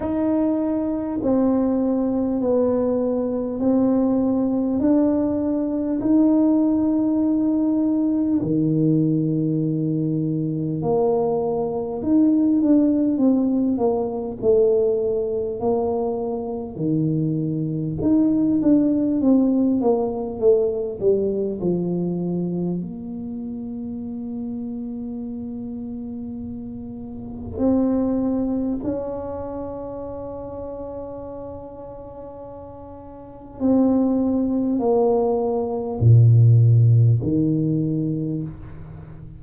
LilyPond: \new Staff \with { instrumentName = "tuba" } { \time 4/4 \tempo 4 = 50 dis'4 c'4 b4 c'4 | d'4 dis'2 dis4~ | dis4 ais4 dis'8 d'8 c'8 ais8 | a4 ais4 dis4 dis'8 d'8 |
c'8 ais8 a8 g8 f4 ais4~ | ais2. c'4 | cis'1 | c'4 ais4 ais,4 dis4 | }